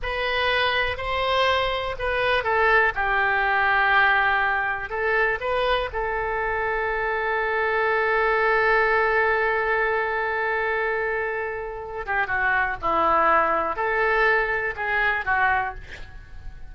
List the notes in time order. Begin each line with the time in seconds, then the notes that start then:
0.02 B4
0.97 C5
1.99 B4
2.43 A4
2.95 G4
4.89 A4
5.40 B4
5.92 A4
12.06 G4
12.27 F#4
12.81 E4
13.75 A4
14.75 G#4
15.25 F#4